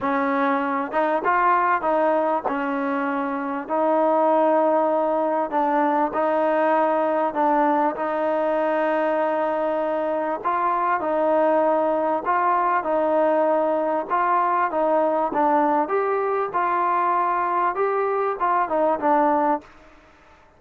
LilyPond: \new Staff \with { instrumentName = "trombone" } { \time 4/4 \tempo 4 = 98 cis'4. dis'8 f'4 dis'4 | cis'2 dis'2~ | dis'4 d'4 dis'2 | d'4 dis'2.~ |
dis'4 f'4 dis'2 | f'4 dis'2 f'4 | dis'4 d'4 g'4 f'4~ | f'4 g'4 f'8 dis'8 d'4 | }